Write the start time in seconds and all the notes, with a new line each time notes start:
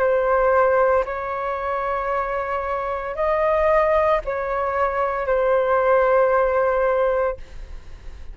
0.00 C5
1.06 C#5
3.16 D#5
4.25 C#5
5.27 C5